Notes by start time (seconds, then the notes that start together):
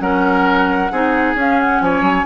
0.00 F#3 C#4 A#4 F#5
0.92 C4 D#4 G#4
1.35 C#4 F5
1.60 F#5
1.81 F3 C#5 G#5
2.01 F#3